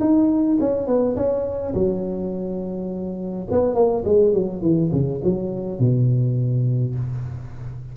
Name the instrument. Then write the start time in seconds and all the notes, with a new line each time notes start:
tuba
0.00 D#4
0.60 C#4
0.87 B3
1.16 C#4
1.74 F#3
3.51 B3
3.74 A#3
4.05 G#3
4.33 F#3
4.62 E3
4.92 C#3
5.23 F#3
5.79 B2